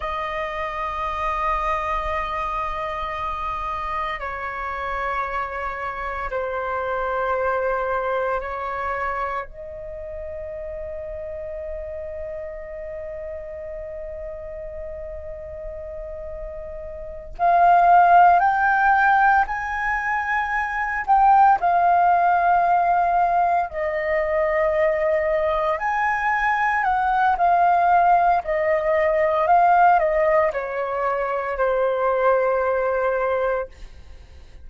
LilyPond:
\new Staff \with { instrumentName = "flute" } { \time 4/4 \tempo 4 = 57 dis''1 | cis''2 c''2 | cis''4 dis''2.~ | dis''1~ |
dis''8 f''4 g''4 gis''4. | g''8 f''2 dis''4.~ | dis''8 gis''4 fis''8 f''4 dis''4 | f''8 dis''8 cis''4 c''2 | }